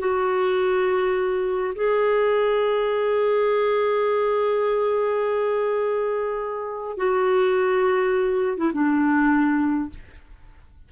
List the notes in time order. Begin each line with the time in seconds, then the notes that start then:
0.00 F#4
1.76 G#4
6.98 F#4
8.58 E4
8.74 D4